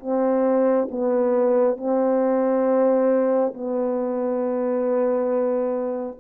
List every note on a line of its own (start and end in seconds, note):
0.00 0.88 C4
0.91 1.77 B3
1.77 3.53 C4
3.54 6.19 B3